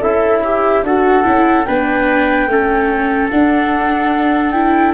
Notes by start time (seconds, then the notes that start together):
0.00 C#4 E4 A4 E5
0.44 G4
0.83 D4 F#4 A4 F#5
1.23 C#4 E4
1.65 B3 D4 B4 G5
2.47 A3 C#4 A4
3.30 D4 F#5
4.51 E4 G5